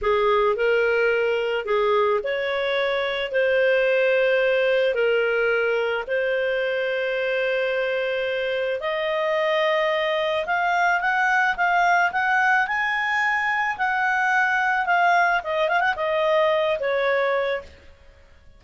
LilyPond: \new Staff \with { instrumentName = "clarinet" } { \time 4/4 \tempo 4 = 109 gis'4 ais'2 gis'4 | cis''2 c''2~ | c''4 ais'2 c''4~ | c''1 |
dis''2. f''4 | fis''4 f''4 fis''4 gis''4~ | gis''4 fis''2 f''4 | dis''8 f''16 fis''16 dis''4. cis''4. | }